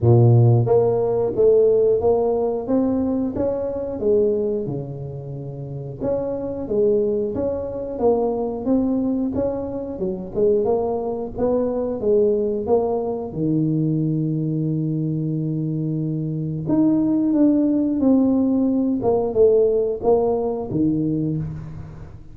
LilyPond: \new Staff \with { instrumentName = "tuba" } { \time 4/4 \tempo 4 = 90 ais,4 ais4 a4 ais4 | c'4 cis'4 gis4 cis4~ | cis4 cis'4 gis4 cis'4 | ais4 c'4 cis'4 fis8 gis8 |
ais4 b4 gis4 ais4 | dis1~ | dis4 dis'4 d'4 c'4~ | c'8 ais8 a4 ais4 dis4 | }